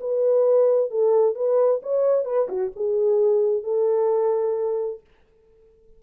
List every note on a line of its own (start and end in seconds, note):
0.00 0.90 B4
0.90 1.35 A4
1.35 1.80 B4
1.82 2.25 C#5
2.25 2.48 B4
2.48 2.71 F#4
2.75 3.63 G#4
3.63 5.00 A4